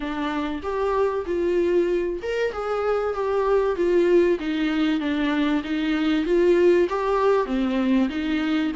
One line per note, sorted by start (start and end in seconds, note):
0.00 0.61 D4
0.62 1.25 G4
1.26 2.20 F4
2.22 2.52 A#4
2.52 3.13 G#4
3.13 3.76 G4
3.76 4.38 F4
4.39 4.99 D#4
4.99 5.62 D4
5.63 6.25 D#4
6.25 6.88 F4
6.89 7.46 G4
7.46 8.08 C4
8.09 8.72 D#4